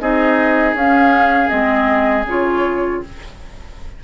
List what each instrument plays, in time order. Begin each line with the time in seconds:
0.00 bassoon C4, clarinet D#4, oboe G#4, flute D#5
0.74 bassoon C#4, clarinet C#4, flute F5
1.49 bassoon G#3, clarinet C4, flute D#5
2.25 bassoon C#3, clarinet F4, flute C#5